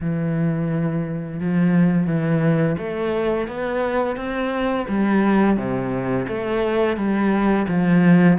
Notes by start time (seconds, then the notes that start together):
0.00 E3
1.40 F3
2.06 E3
2.77 A3
3.47 B3
4.16 C4
4.88 G3
5.56 C3
6.28 A3
6.96 G3
7.68 F3